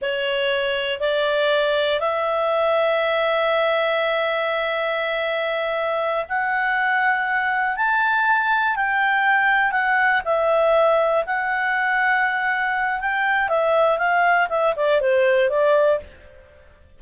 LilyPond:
\new Staff \with { instrumentName = "clarinet" } { \time 4/4 \tempo 4 = 120 cis''2 d''2 | e''1~ | e''1~ | e''8 fis''2. a''8~ |
a''4. g''2 fis''8~ | fis''8 e''2 fis''4.~ | fis''2 g''4 e''4 | f''4 e''8 d''8 c''4 d''4 | }